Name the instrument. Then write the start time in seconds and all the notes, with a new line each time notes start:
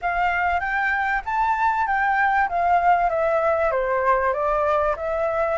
flute
0.01 F5
0.60 G5
1.25 A5
1.86 G5
2.48 F5
3.09 E5
3.71 C5
4.33 D5
4.96 E5